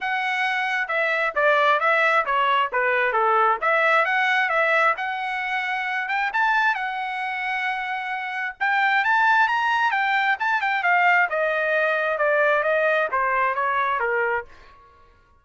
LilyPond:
\new Staff \with { instrumentName = "trumpet" } { \time 4/4 \tempo 4 = 133 fis''2 e''4 d''4 | e''4 cis''4 b'4 a'4 | e''4 fis''4 e''4 fis''4~ | fis''4. g''8 a''4 fis''4~ |
fis''2. g''4 | a''4 ais''4 g''4 a''8 g''8 | f''4 dis''2 d''4 | dis''4 c''4 cis''4 ais'4 | }